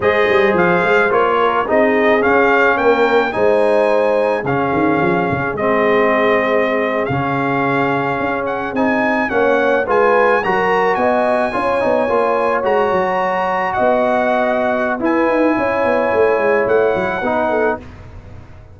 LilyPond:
<<
  \new Staff \with { instrumentName = "trumpet" } { \time 4/4 \tempo 4 = 108 dis''4 f''4 cis''4 dis''4 | f''4 g''4 gis''2 | f''2 dis''2~ | dis''8. f''2~ f''8 fis''8 gis''16~ |
gis''8. fis''4 gis''4 ais''4 gis''16~ | gis''2~ gis''8. ais''4~ ais''16~ | ais''8. fis''2~ fis''16 gis''4~ | gis''2 fis''2 | }
  \new Staff \with { instrumentName = "horn" } { \time 4/4 c''2~ c''8 ais'8 gis'4~ | gis'4 ais'4 c''2 | gis'1~ | gis'1~ |
gis'8. cis''4 b'4 ais'4 dis''16~ | dis''8. cis''2.~ cis''16~ | cis''8. dis''2~ dis''16 b'4 | cis''2. b'8 a'8 | }
  \new Staff \with { instrumentName = "trombone" } { \time 4/4 gis'2 f'4 dis'4 | cis'2 dis'2 | cis'2 c'2~ | c'8. cis'2. dis'16~ |
dis'8. cis'4 f'4 fis'4~ fis'16~ | fis'8. f'8 dis'8 f'4 fis'4~ fis'16~ | fis'2. e'4~ | e'2. dis'4 | }
  \new Staff \with { instrumentName = "tuba" } { \time 4/4 gis8 g8 f8 gis8 ais4 c'4 | cis'4 ais4 gis2 | cis8 dis8 f8 cis8 gis2~ | gis8. cis2 cis'4 c'16~ |
c'8. ais4 gis4 fis4 b16~ | b8. cis'8 b8 ais4 gis8 fis8.~ | fis8. b2~ b16 e'8 dis'8 | cis'8 b8 a8 gis8 a8 fis8 b4 | }
>>